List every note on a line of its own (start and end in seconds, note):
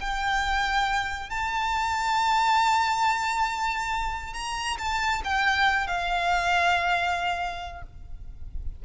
0.00 1.29 G5
1.29 4.33 A5
4.33 4.76 A#5
4.78 5.21 A5
5.24 5.87 G5
5.87 7.82 F5